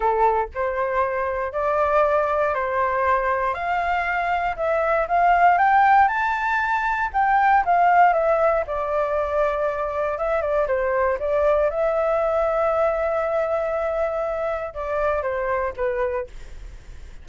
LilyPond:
\new Staff \with { instrumentName = "flute" } { \time 4/4 \tempo 4 = 118 a'4 c''2 d''4~ | d''4 c''2 f''4~ | f''4 e''4 f''4 g''4 | a''2 g''4 f''4 |
e''4 d''2. | e''8 d''8 c''4 d''4 e''4~ | e''1~ | e''4 d''4 c''4 b'4 | }